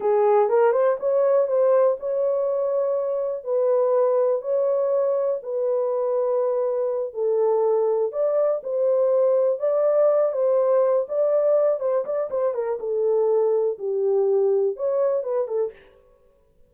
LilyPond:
\new Staff \with { instrumentName = "horn" } { \time 4/4 \tempo 4 = 122 gis'4 ais'8 c''8 cis''4 c''4 | cis''2. b'4~ | b'4 cis''2 b'4~ | b'2~ b'8 a'4.~ |
a'8 d''4 c''2 d''8~ | d''4 c''4. d''4. | c''8 d''8 c''8 ais'8 a'2 | g'2 cis''4 b'8 a'8 | }